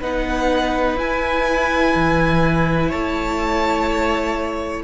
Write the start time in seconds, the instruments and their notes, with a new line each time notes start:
0.00 cello B3, viola D#4, violin B4 F#5
0.95 cello E4, viola E4, violin G#5
1.95 cello E3
2.89 cello A3, violin C#5 A5